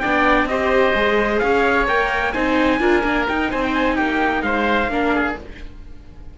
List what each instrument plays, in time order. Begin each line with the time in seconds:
0.00 cello B3, viola D4, oboe D5, trumpet G5
0.45 cello C4, viola G4, oboe C5, trumpet D#5
0.95 cello G#3, viola G#4
1.39 cello C#4, oboe C#5, trumpet F5
1.88 cello A#3, viola A#4, trumpet G5
2.32 cello C4, viola D#4, oboe C5, trumpet G#5
2.80 cello D4, viola F4, oboe A#4
3.03 cello A#3, viola D4
3.28 cello D#4, viola D#4, trumpet G5
3.51 cello C4, oboe C5, trumpet G#5
3.63 trumpet G5
3.74 trumpet G#5
3.95 cello A#3, oboe G4, trumpet G5
4.42 cello G#3, oboe C5, trumpet F5
4.88 cello A#3, viola D4, oboe A#4
5.15 oboe G#4